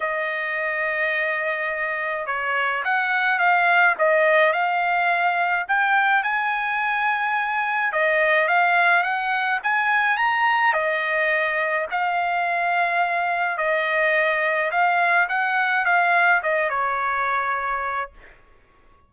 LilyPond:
\new Staff \with { instrumentName = "trumpet" } { \time 4/4 \tempo 4 = 106 dis''1 | cis''4 fis''4 f''4 dis''4 | f''2 g''4 gis''4~ | gis''2 dis''4 f''4 |
fis''4 gis''4 ais''4 dis''4~ | dis''4 f''2. | dis''2 f''4 fis''4 | f''4 dis''8 cis''2~ cis''8 | }